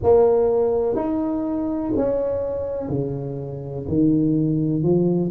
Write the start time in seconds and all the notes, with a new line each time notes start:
0.03 A#3
0.95 D#4
1.96 C#4
2.88 C#3
3.88 D#3
4.83 F3